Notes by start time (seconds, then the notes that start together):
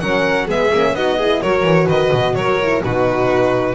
0.00 F#3 C#4 A#4 F#5
0.47 G#3 B3 G#4 E5
0.73 A#3 C#4
0.93 B3 D#4 F#4 D#5
1.18 E4 G#4
1.42 F#3 F#4 A#4 C#5
1.63 E3
1.86 D#3 B4 D#5
2.13 B2
2.35 F#3 A#4 C#5
2.62 E4
2.82 B2 D#4 F#4 B4